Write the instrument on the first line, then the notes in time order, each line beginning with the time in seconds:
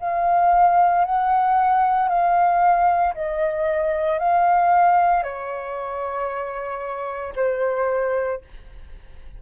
flute
0.00 F5
1.05 F#5
2.09 F5
3.15 D#5
4.19 F5
5.23 C#5
7.36 C5